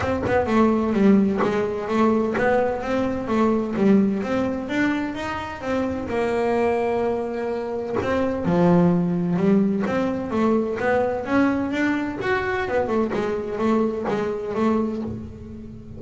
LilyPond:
\new Staff \with { instrumentName = "double bass" } { \time 4/4 \tempo 4 = 128 c'8 b8 a4 g4 gis4 | a4 b4 c'4 a4 | g4 c'4 d'4 dis'4 | c'4 ais2.~ |
ais4 c'4 f2 | g4 c'4 a4 b4 | cis'4 d'4 fis'4 b8 a8 | gis4 a4 gis4 a4 | }